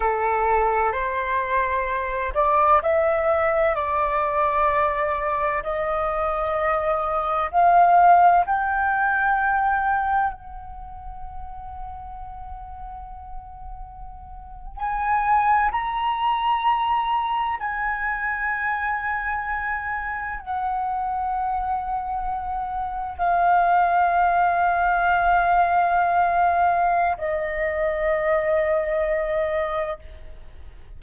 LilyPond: \new Staff \with { instrumentName = "flute" } { \time 4/4 \tempo 4 = 64 a'4 c''4. d''8 e''4 | d''2 dis''2 | f''4 g''2 fis''4~ | fis''2.~ fis''8. gis''16~ |
gis''8. ais''2 gis''4~ gis''16~ | gis''4.~ gis''16 fis''2~ fis''16~ | fis''8. f''2.~ f''16~ | f''4 dis''2. | }